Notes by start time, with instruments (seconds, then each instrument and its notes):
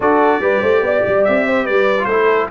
0.00 tuba D4, trombone F#4, horn A4, trumpet D5
0.40 tuba G3, trombone G4, horn B4
0.61 tuba A3, horn C5
0.82 tuba B3, horn D5
1.07 tuba G3
1.24 tuba C4, trumpet E5
1.47 horn C5
1.63 tuba G3, horn B4, trumpet D5
1.98 trombone F4, trumpet C5
2.06 tuba A3, trombone E4, horn A4